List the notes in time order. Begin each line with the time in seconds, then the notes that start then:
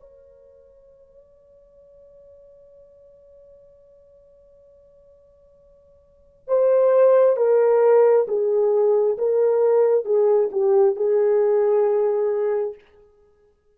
0.00 C#5
6.48 C5
7.37 A#4
8.28 G#4
9.18 A#4
10.05 G#4
10.52 G4
10.96 G#4